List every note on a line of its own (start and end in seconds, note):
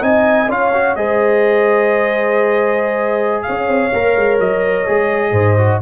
0.00 0.48 C4
0.00 0.47 D#4
0.00 0.49 D#5
0.00 0.50 G#5
0.48 0.95 C#4
0.48 0.72 F4
0.48 0.96 C#5
0.48 0.95 F5
0.73 0.96 F#4
0.95 3.44 G#3
0.95 3.92 G#4
0.95 3.46 C5
0.95 3.42 D#5
3.42 5.32 C#5
3.42 4.37 F5
3.48 3.67 C#4
3.67 3.91 C4
3.93 4.16 A#3
3.93 4.86 A#4
4.16 4.39 G#3
4.39 4.86 F#3
4.39 5.81 D#5
4.86 5.31 G#3
4.86 5.57 G#4
5.31 5.79 G#2
5.31 5.79 C5
5.57 5.81 F#4